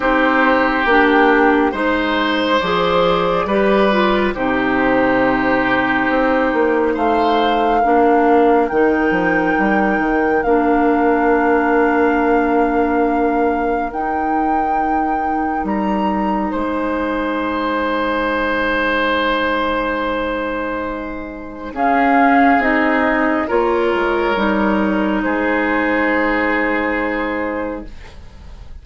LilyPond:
<<
  \new Staff \with { instrumentName = "flute" } { \time 4/4 \tempo 4 = 69 c''4 g'4 c''4 d''4~ | d''4 c''2. | f''2 g''2 | f''1 |
g''2 ais''4 gis''4~ | gis''1~ | gis''4 f''4 dis''4 cis''4~ | cis''4 c''2. | }
  \new Staff \with { instrumentName = "oboe" } { \time 4/4 g'2 c''2 | b'4 g'2. | c''4 ais'2.~ | ais'1~ |
ais'2. c''4~ | c''1~ | c''4 gis'2 ais'4~ | ais'4 gis'2. | }
  \new Staff \with { instrumentName = "clarinet" } { \time 4/4 dis'4 d'4 dis'4 gis'4 | g'8 f'8 dis'2.~ | dis'4 d'4 dis'2 | d'1 |
dis'1~ | dis'1~ | dis'4 cis'4 dis'4 f'4 | dis'1 | }
  \new Staff \with { instrumentName = "bassoon" } { \time 4/4 c'4 ais4 gis4 f4 | g4 c2 c'8 ais8 | a4 ais4 dis8 f8 g8 dis8 | ais1 |
dis'2 g4 gis4~ | gis1~ | gis4 cis'4 c'4 ais8 gis8 | g4 gis2. | }
>>